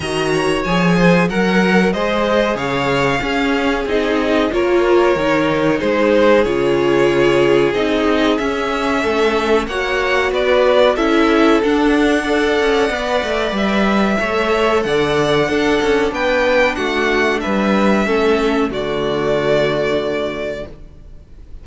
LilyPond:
<<
  \new Staff \with { instrumentName = "violin" } { \time 4/4 \tempo 4 = 93 ais''4 gis''4 fis''4 dis''4 | f''2 dis''4 cis''4~ | cis''4 c''4 cis''2 | dis''4 e''2 fis''4 |
d''4 e''4 fis''2~ | fis''4 e''2 fis''4~ | fis''4 g''4 fis''4 e''4~ | e''4 d''2. | }
  \new Staff \with { instrumentName = "violin" } { \time 4/4 dis''8 cis''4 c''8 ais'4 c''4 | cis''4 gis'2 ais'4~ | ais'4 gis'2.~ | gis'2 a'4 cis''4 |
b'4 a'2 d''4~ | d''2 cis''4 d''4 | a'4 b'4 fis'4 b'4 | a'4 fis'2. | }
  \new Staff \with { instrumentName = "viola" } { \time 4/4 fis'4 gis'4 ais'4 gis'4~ | gis'4 cis'4 dis'4 f'4 | dis'2 f'2 | dis'4 cis'2 fis'4~ |
fis'4 e'4 d'4 a'4 | b'2 a'2 | d'1 | cis'4 a2. | }
  \new Staff \with { instrumentName = "cello" } { \time 4/4 dis4 f4 fis4 gis4 | cis4 cis'4 c'4 ais4 | dis4 gis4 cis2 | c'4 cis'4 a4 ais4 |
b4 cis'4 d'4. cis'8 | b8 a8 g4 a4 d4 | d'8 cis'8 b4 a4 g4 | a4 d2. | }
>>